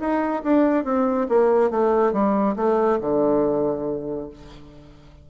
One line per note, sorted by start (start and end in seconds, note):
0.00 0.43 D#4
0.43 0.85 D4
0.85 1.27 C4
1.29 1.70 A#3
1.70 2.13 A3
2.13 2.56 G3
2.56 2.99 A3
3.01 4.30 D3